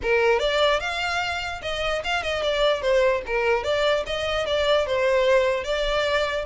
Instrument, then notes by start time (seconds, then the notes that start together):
violin
0.02 A#4
0.39 D5
0.80 F5
1.61 D#5
2.04 F5
2.23 D#5
2.42 D5
2.81 C5
3.26 A#4
3.63 D5
4.06 D#5
4.46 D5
4.86 C5
5.64 D5